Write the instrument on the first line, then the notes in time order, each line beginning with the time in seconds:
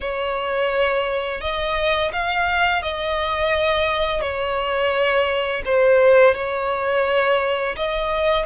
violin
0.00 C#5
1.41 D#5
2.12 F5
2.82 D#5
4.21 C#5
5.65 C5
6.34 C#5
7.76 D#5